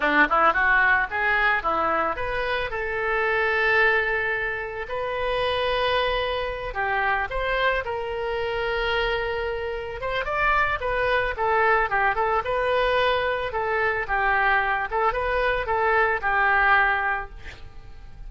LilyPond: \new Staff \with { instrumentName = "oboe" } { \time 4/4 \tempo 4 = 111 d'8 e'8 fis'4 gis'4 e'4 | b'4 a'2.~ | a'4 b'2.~ | b'8 g'4 c''4 ais'4.~ |
ais'2~ ais'8 c''8 d''4 | b'4 a'4 g'8 a'8 b'4~ | b'4 a'4 g'4. a'8 | b'4 a'4 g'2 | }